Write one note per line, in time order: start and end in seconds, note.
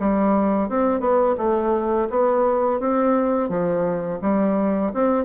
0.00 0.69 G3
0.69 1.00 C4
1.00 1.35 B3
1.38 2.08 A3
2.10 2.80 B3
2.80 3.49 C4
3.49 4.20 F3
4.22 4.92 G3
4.94 5.25 C4